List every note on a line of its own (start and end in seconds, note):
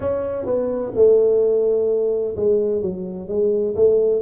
0.00 0.45 C#4
0.45 0.92 B3
0.95 2.35 A3
2.36 2.81 G#3
2.81 3.28 F#3
3.28 3.75 G#3
3.75 4.21 A3